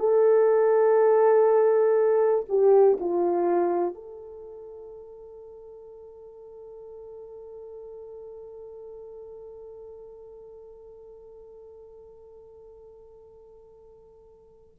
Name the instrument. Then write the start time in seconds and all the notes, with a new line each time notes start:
horn
0.00 A4
2.49 G4
3.00 F4
3.95 A4